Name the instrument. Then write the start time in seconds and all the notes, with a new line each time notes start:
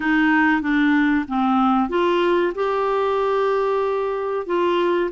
clarinet
0.00 D#4
0.61 D4
1.28 C4
1.89 F4
2.54 G4
4.46 F4